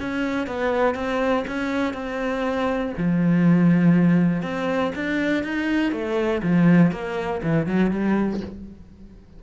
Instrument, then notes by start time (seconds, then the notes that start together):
cello
0.00 C#4
0.47 B3
0.95 C4
1.48 C#4
1.94 C4
2.98 F3
4.43 C4
4.96 D4
5.44 D#4
5.93 A3
6.43 F3
6.92 A#3
7.43 E3
7.67 F#3
7.91 G3